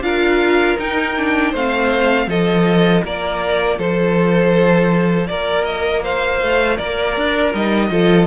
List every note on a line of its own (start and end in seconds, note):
0.00 0.75 D4
0.00 0.77 F4
0.00 1.51 A#4
0.00 0.77 F5
0.77 1.15 D#4
0.77 1.54 D#4
0.77 1.54 G5
1.17 1.54 D4
1.51 2.27 A3
1.51 2.29 C4
1.51 2.26 C5
1.51 2.29 F5
2.27 3.02 F3
2.27 7.53 F4
2.27 3.04 A4
2.27 3.04 D#5
3.04 3.78 A#3
3.04 3.77 A#4
3.04 3.79 D5
3.77 5.28 F3
3.77 5.27 A4
3.77 5.27 C5
5.27 6.41 A#3
5.27 6.03 A#4
5.27 5.64 D5
5.64 6.01 D#5
6.03 6.76 C5
6.03 6.77 F5
6.41 6.79 A3
6.76 7.17 A#3
6.76 7.88 A#4
6.76 7.52 D5
7.17 7.54 D4
7.53 7.90 G3
7.53 7.90 D#4
7.53 8.27 D#5
7.90 8.27 F3
7.90 8.27 F4
7.90 8.27 A4